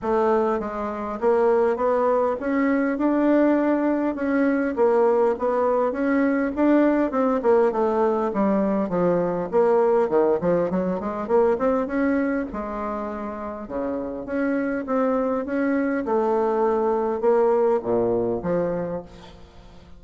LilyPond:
\new Staff \with { instrumentName = "bassoon" } { \time 4/4 \tempo 4 = 101 a4 gis4 ais4 b4 | cis'4 d'2 cis'4 | ais4 b4 cis'4 d'4 | c'8 ais8 a4 g4 f4 |
ais4 dis8 f8 fis8 gis8 ais8 c'8 | cis'4 gis2 cis4 | cis'4 c'4 cis'4 a4~ | a4 ais4 ais,4 f4 | }